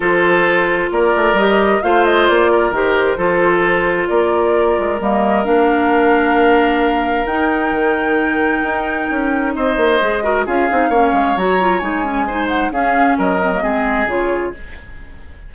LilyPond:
<<
  \new Staff \with { instrumentName = "flute" } { \time 4/4 \tempo 4 = 132 c''2 d''4 dis''4 | f''8 dis''8 d''4 c''2~ | c''4 d''2 dis''4 | f''1 |
g''1~ | g''4 dis''2 f''4~ | f''4 ais''4 gis''4. fis''8 | f''4 dis''2 cis''4 | }
  \new Staff \with { instrumentName = "oboe" } { \time 4/4 a'2 ais'2 | c''4. ais'4. a'4~ | a'4 ais'2.~ | ais'1~ |
ais'1~ | ais'4 c''4. ais'8 gis'4 | cis''2. c''4 | gis'4 ais'4 gis'2 | }
  \new Staff \with { instrumentName = "clarinet" } { \time 4/4 f'2. g'4 | f'2 g'4 f'4~ | f'2. ais4 | d'1 |
dis'1~ | dis'2 gis'8 fis'8 f'8 dis'8 | cis'4 fis'8 f'8 dis'8 cis'8 dis'4 | cis'4. c'16 ais16 c'4 f'4 | }
  \new Staff \with { instrumentName = "bassoon" } { \time 4/4 f2 ais8 a8 g4 | a4 ais4 dis4 f4~ | f4 ais4. gis8 g4 | ais1 |
dis'4 dis2 dis'4 | cis'4 c'8 ais8 gis4 cis'8 c'8 | ais8 gis8 fis4 gis2 | cis'4 fis4 gis4 cis4 | }
>>